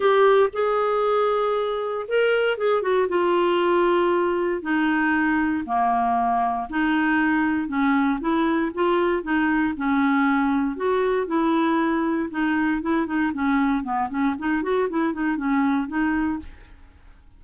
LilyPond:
\new Staff \with { instrumentName = "clarinet" } { \time 4/4 \tempo 4 = 117 g'4 gis'2. | ais'4 gis'8 fis'8 f'2~ | f'4 dis'2 ais4~ | ais4 dis'2 cis'4 |
e'4 f'4 dis'4 cis'4~ | cis'4 fis'4 e'2 | dis'4 e'8 dis'8 cis'4 b8 cis'8 | dis'8 fis'8 e'8 dis'8 cis'4 dis'4 | }